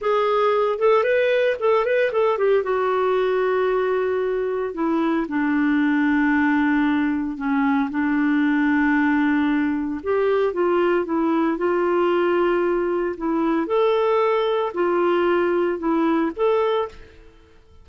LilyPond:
\new Staff \with { instrumentName = "clarinet" } { \time 4/4 \tempo 4 = 114 gis'4. a'8 b'4 a'8 b'8 | a'8 g'8 fis'2.~ | fis'4 e'4 d'2~ | d'2 cis'4 d'4~ |
d'2. g'4 | f'4 e'4 f'2~ | f'4 e'4 a'2 | f'2 e'4 a'4 | }